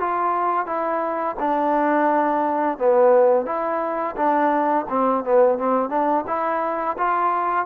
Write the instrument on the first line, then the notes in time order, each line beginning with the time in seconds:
trombone
0.00 F4
0.66 E4
1.39 D4
2.78 B3
3.46 E4
4.16 D4
4.89 C4
5.24 B3
5.58 C4
5.90 D4
6.27 E4
6.98 F4